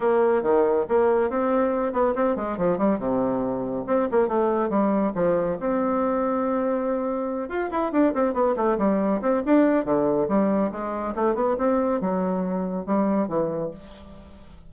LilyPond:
\new Staff \with { instrumentName = "bassoon" } { \time 4/4 \tempo 4 = 140 ais4 dis4 ais4 c'4~ | c'8 b8 c'8 gis8 f8 g8 c4~ | c4 c'8 ais8 a4 g4 | f4 c'2.~ |
c'4. f'8 e'8 d'8 c'8 b8 | a8 g4 c'8 d'4 d4 | g4 gis4 a8 b8 c'4 | fis2 g4 e4 | }